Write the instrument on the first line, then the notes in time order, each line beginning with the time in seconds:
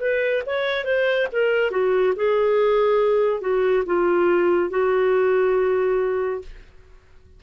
clarinet
0.00 B4
0.46 C#5
0.85 C5
1.32 A#4
1.71 F#4
2.16 G#4
3.41 F#4
3.86 F4
4.70 F#4